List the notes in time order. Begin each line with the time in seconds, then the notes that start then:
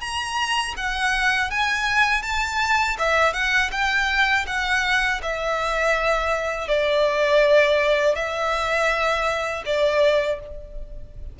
0.00 A#5
0.76 F#5
1.50 G#5
2.22 A5
2.98 E5
3.33 F#5
3.71 G5
4.46 F#5
5.22 E5
6.68 D5
8.14 E5
9.65 D5